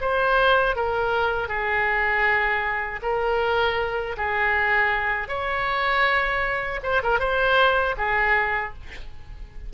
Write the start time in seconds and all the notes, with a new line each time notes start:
0.00 C5
0.76 A#4
1.48 G#4
3.02 A#4
4.17 G#4
5.28 C#5
6.83 C5
7.03 A#4
7.19 C5
7.97 G#4